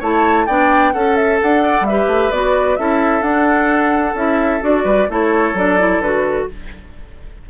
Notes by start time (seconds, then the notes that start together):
0.00 A3 E4 C#5 A5
0.47 B3 D4 D5 G5
0.93 C#4 A4 F#5
1.16 E5
1.42 D4 F#5
1.63 D5
1.81 G3 E5
1.89 G4 B4
2.08 A3
2.31 B3 F#4 D5
2.76 C#4 E4 A4 E5
3.22 D4 F#5
4.14 C#4 E4 E5
4.61 D4 F#4 D5
4.84 G3 B4
5.10 A3 E4 A4 C#5
5.54 F#3 D4 D5
5.79 E4
6.00 D3 F#4 B4